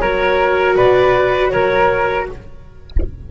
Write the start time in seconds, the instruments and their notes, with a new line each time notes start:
0.00 double bass F#3, viola F#4, flute A#4, clarinet C#5
0.76 double bass B2, flute B4, clarinet D5
1.50 double bass F#3, flute A#4, clarinet C#5